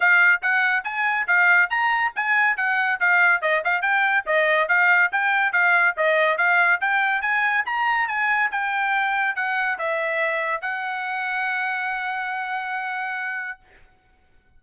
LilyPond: \new Staff \with { instrumentName = "trumpet" } { \time 4/4 \tempo 4 = 141 f''4 fis''4 gis''4 f''4 | ais''4 gis''4 fis''4 f''4 | dis''8 f''8 g''4 dis''4 f''4 | g''4 f''4 dis''4 f''4 |
g''4 gis''4 ais''4 gis''4 | g''2 fis''4 e''4~ | e''4 fis''2.~ | fis''1 | }